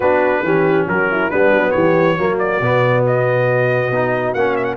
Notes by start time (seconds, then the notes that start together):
0.00 B3 D4 F#4 B4
0.42 E3 C#4 G4
0.86 F#3 F#4 A#4
1.11 E4
1.30 G3 B3 D4 B4
1.51 F#3
1.71 E3 G4 C#5
2.18 F#3 A#3 F#4
2.38 D5
2.61 B2 B3
3.06 D#5
3.90 B3 D#4
4.34 A#3 C#4 F#5
4.56 E5
4.63 F#5